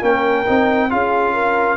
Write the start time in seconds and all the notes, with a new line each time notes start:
0.00 A#3 C#4 A#4 G5
0.46 C4 D#4
0.90 C#4 F4 G#4 F5
1.33 A#4